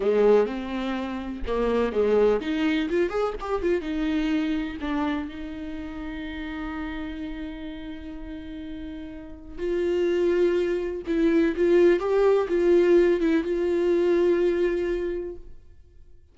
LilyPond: \new Staff \with { instrumentName = "viola" } { \time 4/4 \tempo 4 = 125 gis4 c'2 ais4 | gis4 dis'4 f'8 gis'8 g'8 f'8 | dis'2 d'4 dis'4~ | dis'1~ |
dis'1 | f'2. e'4 | f'4 g'4 f'4. e'8 | f'1 | }